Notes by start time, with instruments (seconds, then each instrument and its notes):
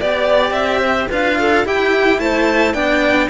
0.00 cello B3 G4, violin D5, clarinet D5
0.51 cello C4, violin E5
0.81 clarinet C5
1.09 cello D4 F4, clarinet B4, violin F5
1.39 clarinet A4
1.64 cello E4, clarinet G4, violin G5
2.18 cello A3, clarinet C5, violin A5
2.73 cello B3 D4, clarinet D5, violin G5